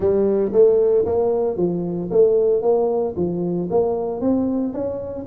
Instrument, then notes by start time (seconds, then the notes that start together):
tuba
0.00 G3
0.52 A3
1.05 A#3
1.56 F3
2.11 A3
2.62 A#3
3.16 F3
3.70 A#3
4.20 C4
4.73 C#4